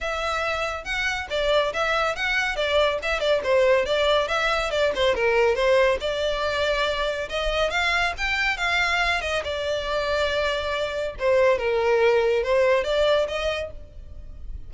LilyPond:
\new Staff \with { instrumentName = "violin" } { \time 4/4 \tempo 4 = 140 e''2 fis''4 d''4 | e''4 fis''4 d''4 e''8 d''8 | c''4 d''4 e''4 d''8 c''8 | ais'4 c''4 d''2~ |
d''4 dis''4 f''4 g''4 | f''4. dis''8 d''2~ | d''2 c''4 ais'4~ | ais'4 c''4 d''4 dis''4 | }